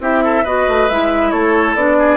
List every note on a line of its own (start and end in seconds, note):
0.00 0.43 C4
0.00 0.45 E4
0.00 0.24 G4
0.00 0.46 E5
0.24 0.44 A4
0.44 0.67 B3
0.44 0.89 F#4
0.44 1.31 B4
0.44 0.89 D#5
0.68 0.90 A3
0.89 1.32 G#3
0.89 1.77 E4
0.89 1.31 E5
1.31 1.75 A3
1.31 1.97 A4
1.31 1.75 C#5
1.75 2.18 B3
1.75 2.18 D4
1.75 2.18 D5
1.99 2.18 G#4